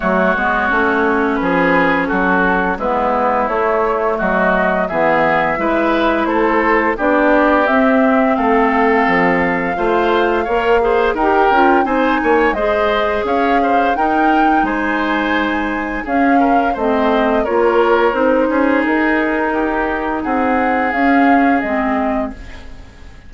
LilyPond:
<<
  \new Staff \with { instrumentName = "flute" } { \time 4/4 \tempo 4 = 86 cis''2 b'4 a'4 | b'4 cis''4 dis''4 e''4~ | e''4 c''4 d''4 e''4 | f''1 |
g''4 gis''4 dis''4 f''4 | g''4 gis''2 f''4 | dis''4 cis''4 c''4 ais'4~ | ais'4 fis''4 f''4 dis''4 | }
  \new Staff \with { instrumentName = "oboe" } { \time 4/4 fis'2 gis'4 fis'4 | e'2 fis'4 gis'4 | b'4 a'4 g'2 | a'2 c''4 cis''8 c''8 |
ais'4 c''8 cis''8 c''4 cis''8 c''8 | ais'4 c''2 gis'8 ais'8 | c''4 ais'4. gis'4. | g'4 gis'2. | }
  \new Staff \with { instrumentName = "clarinet" } { \time 4/4 a8 b8 cis'2. | b4 a2 b4 | e'2 d'4 c'4~ | c'2 f'4 ais'8 gis'8 |
g'8 f'8 dis'4 gis'2 | dis'2. cis'4 | c'4 f'4 dis'2~ | dis'2 cis'4 c'4 | }
  \new Staff \with { instrumentName = "bassoon" } { \time 4/4 fis8 gis8 a4 f4 fis4 | gis4 a4 fis4 e4 | gis4 a4 b4 c'4 | a4 f4 a4 ais4 |
dis'8 cis'8 c'8 ais8 gis4 cis'4 | dis'4 gis2 cis'4 | a4 ais4 c'8 cis'8 dis'4~ | dis'4 c'4 cis'4 gis4 | }
>>